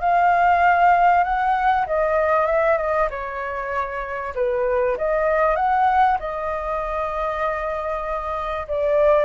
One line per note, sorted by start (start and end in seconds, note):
0.00 1.23 F5
1.23 1.85 F#5
1.86 2.46 D#5
2.46 2.77 E5
2.77 3.08 D#5
3.10 4.34 C#5
4.35 4.97 B4
4.97 5.56 D#5
5.56 6.17 F#5
6.19 8.67 D#5
8.67 9.24 D5